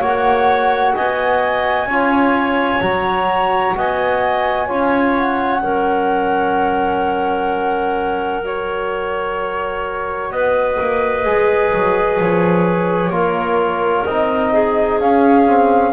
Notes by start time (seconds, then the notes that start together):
0.00 A#3 F#4 C#5 F#5
0.95 B3 D#5 G#5
1.86 C#4 F4 C#5
2.81 F#3 F#4 A#5
3.76 B3 D#5 G#5
4.68 C#4 F4 C#5
5.18 F#5
5.63 F#3 C#4 A#4
8.44 F#4 C#5
10.31 B3 B4 D#5
10.80 A#3
11.24 G#3 G#4
11.74 F#3
12.20 F3 C#5
13.10 A#3 F4 A#4
14.05 C4 D#4 D#5
14.53 G#4
15.01 C#4 F5
15.47 C4